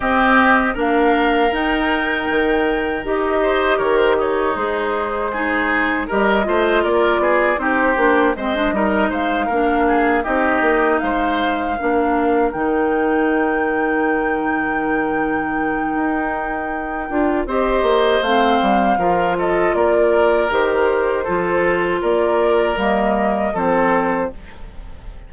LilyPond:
<<
  \new Staff \with { instrumentName = "flute" } { \time 4/4 \tempo 4 = 79 dis''4 f''4 g''2 | dis''4 cis''16 c''16 cis''8 c''2 | dis''4 d''4 c''4 dis''4 | f''4. dis''4 f''4.~ |
f''8 g''2.~ g''8~ | g''2. dis''4 | f''4. dis''8 d''4 c''4~ | c''4 d''4 dis''4 c''4 | }
  \new Staff \with { instrumentName = "oboe" } { \time 4/4 g'4 ais'2.~ | ais'8 c''8 ais'8 dis'4. gis'4 | ais'8 c''8 ais'8 gis'8 g'4 c''8 ais'8 | c''8 ais'8 gis'8 g'4 c''4 ais'8~ |
ais'1~ | ais'2. c''4~ | c''4 ais'8 a'8 ais'2 | a'4 ais'2 a'4 | }
  \new Staff \with { instrumentName = "clarinet" } { \time 4/4 c'4 d'4 dis'2 | g'2 gis'4 dis'4 | g'8 f'4. dis'8 d'8 c'16 d'16 dis'8~ | dis'8 d'4 dis'2 d'8~ |
d'8 dis'2.~ dis'8~ | dis'2~ dis'8 f'8 g'4 | c'4 f'2 g'4 | f'2 ais4 c'4 | }
  \new Staff \with { instrumentName = "bassoon" } { \time 4/4 c'4 ais4 dis'4 dis4 | dis'4 dis4 gis2 | g8 a8 ais8 b8 c'8 ais8 gis8 g8 | gis8 ais4 c'8 ais8 gis4 ais8~ |
ais8 dis2.~ dis8~ | dis4 dis'4. d'8 c'8 ais8 | a8 g8 f4 ais4 dis4 | f4 ais4 g4 f4 | }
>>